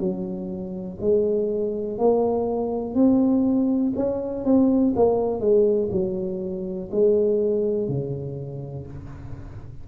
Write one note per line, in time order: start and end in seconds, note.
0.00 0.98 F#3
1.01 1.99 G#3
1.99 2.95 A#3
2.95 3.93 C4
3.97 4.45 C#4
4.45 4.94 C4
4.96 5.41 A#3
5.41 5.90 G#3
5.92 6.90 F#3
6.92 7.89 G#3
7.89 8.87 C#3